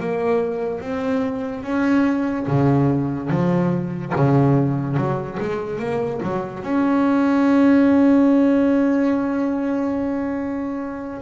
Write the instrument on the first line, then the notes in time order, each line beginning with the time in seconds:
double bass
0.00 A#3
0.81 C4
1.63 C#4
2.48 C#3
3.30 F3
4.16 C#3
4.97 F#3
5.40 G#3
5.79 A#3
6.23 F#3
6.63 C#4